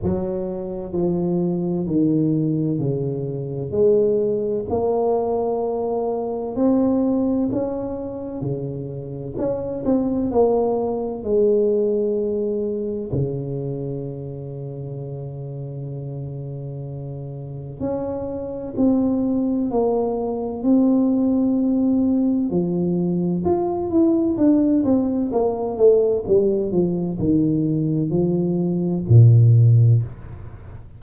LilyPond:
\new Staff \with { instrumentName = "tuba" } { \time 4/4 \tempo 4 = 64 fis4 f4 dis4 cis4 | gis4 ais2 c'4 | cis'4 cis4 cis'8 c'8 ais4 | gis2 cis2~ |
cis2. cis'4 | c'4 ais4 c'2 | f4 f'8 e'8 d'8 c'8 ais8 a8 | g8 f8 dis4 f4 ais,4 | }